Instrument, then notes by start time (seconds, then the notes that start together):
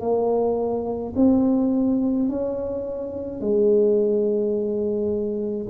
tuba
0.00 A#3
1.15 C4
2.28 C#4
3.40 G#3